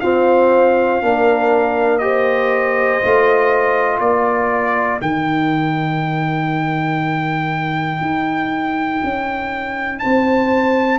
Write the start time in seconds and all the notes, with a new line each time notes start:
0.00 C4 F4 C5 F5
1.02 A#3 D4 A#4
1.98 G4 C5 D#5
3.01 A3 F4
4.00 A#3 A#4 D5
5.00 D#3 D#4 G5
8.01 D#4
9.04 C#4
9.99 C4 C5 A5